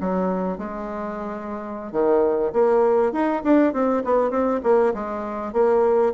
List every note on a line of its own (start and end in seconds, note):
0.00 0.58 F#3
0.58 1.92 G#3
1.92 2.52 D#3
2.53 3.12 A#3
3.12 3.42 D#4
3.43 3.73 D4
3.73 4.03 C4
4.04 4.30 B3
4.30 4.60 C4
4.63 4.93 A#3
4.94 5.53 G#3
5.53 6.13 A#3